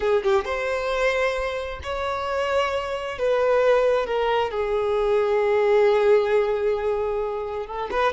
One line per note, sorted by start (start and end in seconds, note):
0.00 0.23 G#4
0.23 0.44 G4
0.44 1.80 C5
1.83 3.18 C#5
3.18 4.06 B4
4.06 4.51 A#4
4.51 7.66 G#4
7.66 7.89 A4
7.91 8.12 B4